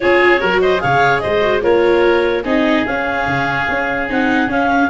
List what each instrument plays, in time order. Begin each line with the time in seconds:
0.00 tuba C#4, viola F4, oboe G#4, clarinet C#5
0.39 tuba F#3, viola F#4, oboe A#4
0.61 oboe C5, clarinet D#5
0.77 tuba C#3, viola G#4, oboe C#5, clarinet F5
1.19 tuba G#3, oboe C5, clarinet D#5
1.41 viola F#4
1.61 tuba A#3, viola F4, oboe A#4, clarinet C#5
2.43 tuba C4, viola D#4, oboe G#4, clarinet D#5
2.85 viola C#4, tuba C#4, clarinet F5
3.26 tuba C#3
3.69 tuba C#4
4.09 tuba C4, viola D#4, clarinet F#5
4.47 tuba C#4, viola C#4, clarinet F5